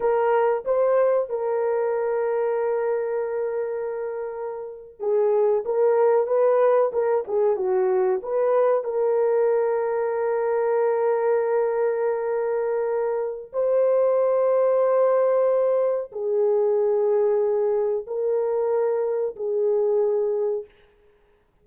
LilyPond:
\new Staff \with { instrumentName = "horn" } { \time 4/4 \tempo 4 = 93 ais'4 c''4 ais'2~ | ais'2.~ ais'8. gis'16~ | gis'8. ais'4 b'4 ais'8 gis'8 fis'16~ | fis'8. b'4 ais'2~ ais'16~ |
ais'1~ | ais'4 c''2.~ | c''4 gis'2. | ais'2 gis'2 | }